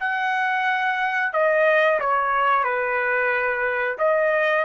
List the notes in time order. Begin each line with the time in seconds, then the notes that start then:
0.00 F#5
1.33 D#5
2.00 C#5
2.64 B4
3.98 D#5